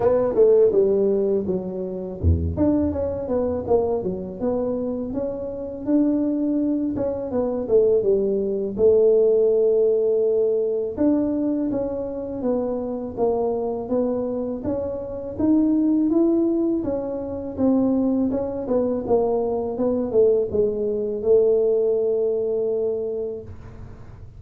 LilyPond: \new Staff \with { instrumentName = "tuba" } { \time 4/4 \tempo 4 = 82 b8 a8 g4 fis4 e,8 d'8 | cis'8 b8 ais8 fis8 b4 cis'4 | d'4. cis'8 b8 a8 g4 | a2. d'4 |
cis'4 b4 ais4 b4 | cis'4 dis'4 e'4 cis'4 | c'4 cis'8 b8 ais4 b8 a8 | gis4 a2. | }